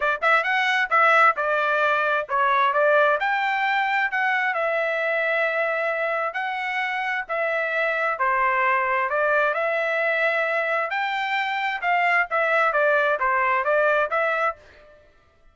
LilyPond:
\new Staff \with { instrumentName = "trumpet" } { \time 4/4 \tempo 4 = 132 d''8 e''8 fis''4 e''4 d''4~ | d''4 cis''4 d''4 g''4~ | g''4 fis''4 e''2~ | e''2 fis''2 |
e''2 c''2 | d''4 e''2. | g''2 f''4 e''4 | d''4 c''4 d''4 e''4 | }